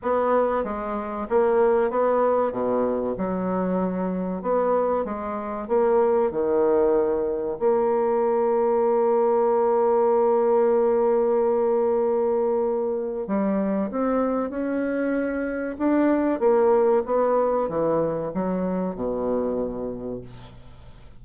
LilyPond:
\new Staff \with { instrumentName = "bassoon" } { \time 4/4 \tempo 4 = 95 b4 gis4 ais4 b4 | b,4 fis2 b4 | gis4 ais4 dis2 | ais1~ |
ais1~ | ais4 g4 c'4 cis'4~ | cis'4 d'4 ais4 b4 | e4 fis4 b,2 | }